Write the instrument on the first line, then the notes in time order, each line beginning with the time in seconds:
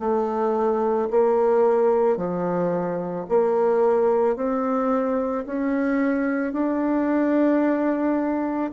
bassoon
0.00 A3
1.11 A#3
2.17 F3
3.29 A#3
4.36 C4
5.46 C#4
6.53 D4